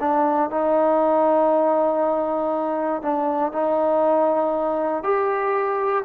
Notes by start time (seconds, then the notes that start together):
0.00 D4
0.50 D#4
3.02 D4
3.52 D#4
5.03 G4